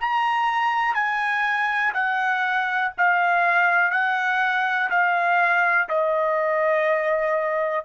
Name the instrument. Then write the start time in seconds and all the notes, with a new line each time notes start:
trumpet
0.00 A#5
0.94 G#5
1.93 F#5
2.97 F5
3.91 F#5
4.90 F5
5.89 D#5